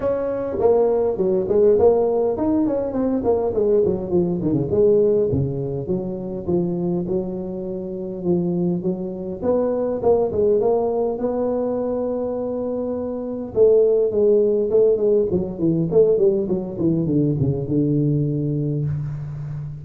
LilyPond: \new Staff \with { instrumentName = "tuba" } { \time 4/4 \tempo 4 = 102 cis'4 ais4 fis8 gis8 ais4 | dis'8 cis'8 c'8 ais8 gis8 fis8 f8 dis16 cis16 | gis4 cis4 fis4 f4 | fis2 f4 fis4 |
b4 ais8 gis8 ais4 b4~ | b2. a4 | gis4 a8 gis8 fis8 e8 a8 g8 | fis8 e8 d8 cis8 d2 | }